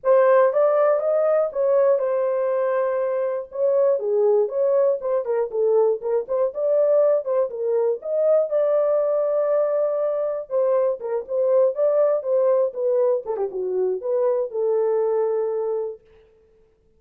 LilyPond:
\new Staff \with { instrumentName = "horn" } { \time 4/4 \tempo 4 = 120 c''4 d''4 dis''4 cis''4 | c''2. cis''4 | gis'4 cis''4 c''8 ais'8 a'4 | ais'8 c''8 d''4. c''8 ais'4 |
dis''4 d''2.~ | d''4 c''4 ais'8 c''4 d''8~ | d''8 c''4 b'4 a'16 g'16 fis'4 | b'4 a'2. | }